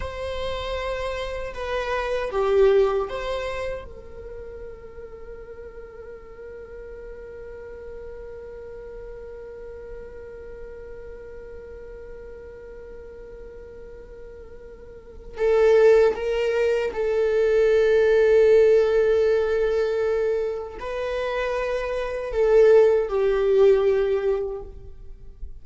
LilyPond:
\new Staff \with { instrumentName = "viola" } { \time 4/4 \tempo 4 = 78 c''2 b'4 g'4 | c''4 ais'2.~ | ais'1~ | ais'1~ |
ais'1 | a'4 ais'4 a'2~ | a'2. b'4~ | b'4 a'4 g'2 | }